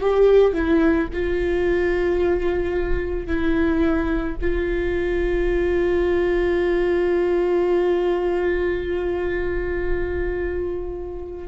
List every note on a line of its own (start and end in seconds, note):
0.00 0.53 G4
0.53 1.08 E4
1.13 3.26 F4
3.26 4.35 E4
4.41 11.47 F4